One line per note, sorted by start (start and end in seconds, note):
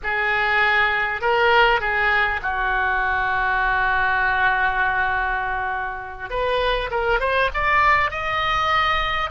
0.03 1.21 G#4
1.21 1.80 A#4
1.80 2.40 G#4
2.42 6.30 F#4
6.30 6.90 B4
6.90 7.20 A#4
7.20 7.50 C5
7.54 8.11 D5
8.11 9.30 D#5